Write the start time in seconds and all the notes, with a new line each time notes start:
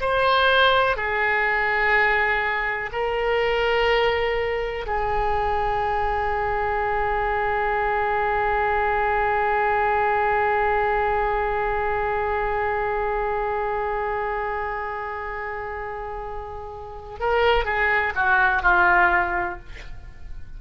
0.00 C5
0.96 G#4
2.92 A#4
4.86 G#4
17.19 A#4
17.64 G#4
18.15 F#4
18.62 F4